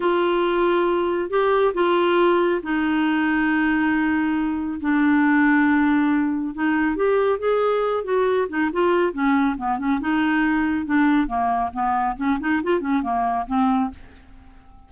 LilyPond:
\new Staff \with { instrumentName = "clarinet" } { \time 4/4 \tempo 4 = 138 f'2. g'4 | f'2 dis'2~ | dis'2. d'4~ | d'2. dis'4 |
g'4 gis'4. fis'4 dis'8 | f'4 cis'4 b8 cis'8 dis'4~ | dis'4 d'4 ais4 b4 | cis'8 dis'8 f'8 cis'8 ais4 c'4 | }